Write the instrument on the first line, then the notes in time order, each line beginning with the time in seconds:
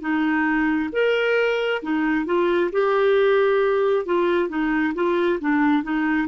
clarinet
0.00 D#4
0.92 A#4
1.82 D#4
2.26 F4
2.72 G4
4.05 F4
4.49 D#4
4.94 F4
5.40 D4
5.83 D#4